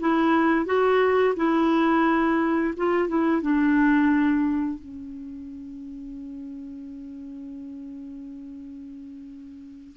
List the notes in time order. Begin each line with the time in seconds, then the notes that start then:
0.00 E4
0.66 F#4
1.36 E4
2.76 F4
3.08 E4
3.42 D4
4.79 C#4